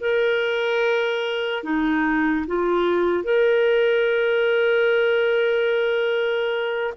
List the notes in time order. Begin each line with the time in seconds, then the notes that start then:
0.00 A#4
1.63 D#4
2.47 F4
3.24 A#4